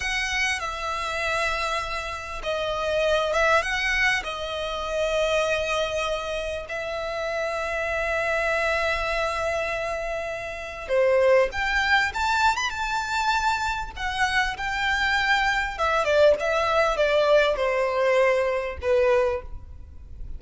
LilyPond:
\new Staff \with { instrumentName = "violin" } { \time 4/4 \tempo 4 = 99 fis''4 e''2. | dis''4. e''8 fis''4 dis''4~ | dis''2. e''4~ | e''1~ |
e''2 c''4 g''4 | a''8. b''16 a''2 fis''4 | g''2 e''8 d''8 e''4 | d''4 c''2 b'4 | }